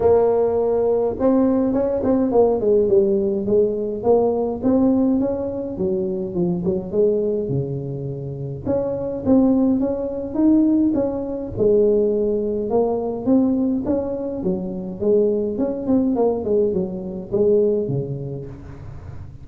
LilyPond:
\new Staff \with { instrumentName = "tuba" } { \time 4/4 \tempo 4 = 104 ais2 c'4 cis'8 c'8 | ais8 gis8 g4 gis4 ais4 | c'4 cis'4 fis4 f8 fis8 | gis4 cis2 cis'4 |
c'4 cis'4 dis'4 cis'4 | gis2 ais4 c'4 | cis'4 fis4 gis4 cis'8 c'8 | ais8 gis8 fis4 gis4 cis4 | }